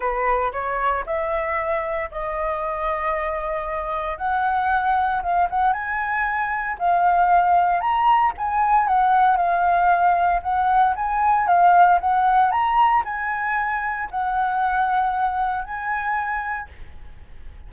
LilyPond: \new Staff \with { instrumentName = "flute" } { \time 4/4 \tempo 4 = 115 b'4 cis''4 e''2 | dis''1 | fis''2 f''8 fis''8 gis''4~ | gis''4 f''2 ais''4 |
gis''4 fis''4 f''2 | fis''4 gis''4 f''4 fis''4 | ais''4 gis''2 fis''4~ | fis''2 gis''2 | }